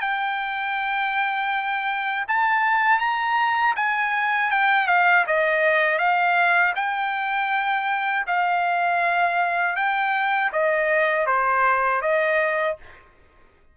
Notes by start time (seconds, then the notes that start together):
0.00 G5
2.27 A5
2.99 A#5
3.76 G#5
4.51 G5
4.87 F5
5.26 D#5
5.98 F5
6.75 G5
8.26 F5
9.76 G5
10.52 D#5
11.26 C5
12.01 D#5